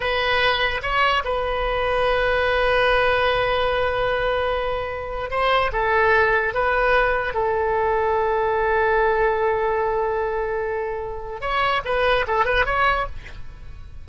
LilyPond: \new Staff \with { instrumentName = "oboe" } { \time 4/4 \tempo 4 = 147 b'2 cis''4 b'4~ | b'1~ | b'1~ | b'4 c''4 a'2 |
b'2 a'2~ | a'1~ | a'1 | cis''4 b'4 a'8 b'8 cis''4 | }